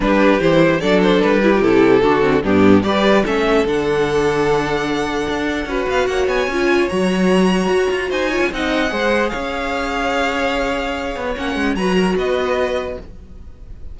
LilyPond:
<<
  \new Staff \with { instrumentName = "violin" } { \time 4/4 \tempo 4 = 148 b'4 c''4 d''8 c''8 b'4 | a'2 g'4 d''4 | e''4 fis''2.~ | fis''2~ fis''8 f''8 fis''8 gis''8~ |
gis''4 ais''2. | gis''4 fis''2 f''4~ | f''1 | fis''4 ais''4 dis''2 | }
  \new Staff \with { instrumentName = "violin" } { \time 4/4 g'2 a'4. g'8~ | g'4 fis'4 d'4 b'4 | a'1~ | a'2 b'4 cis''4~ |
cis''1 | c''8 cis''8 dis''4 c''4 cis''4~ | cis''1~ | cis''4 b'8 ais'8 b'2 | }
  \new Staff \with { instrumentName = "viola" } { \time 4/4 d'4 e'4 d'4. e'16 f'16 | e'4 d'8 c'8 b4 g'4 | cis'4 d'2.~ | d'2 fis'2 |
f'4 fis'2.~ | fis'8 f'8 dis'4 gis'2~ | gis'1 | cis'4 fis'2. | }
  \new Staff \with { instrumentName = "cello" } { \time 4/4 g4 e4 fis4 g4 | c4 d4 g,4 g4 | a4 d2.~ | d4 d'4 cis'8 b8 ais8 b8 |
cis'4 fis2 fis'8 f'8 | dis'8. cis'16 c'4 gis4 cis'4~ | cis'2.~ cis'8 b8 | ais8 gis8 fis4 b2 | }
>>